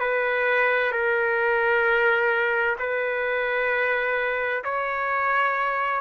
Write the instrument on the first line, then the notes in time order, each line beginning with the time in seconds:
trumpet
0.00 B4
0.92 A#4
2.79 B4
4.64 C#5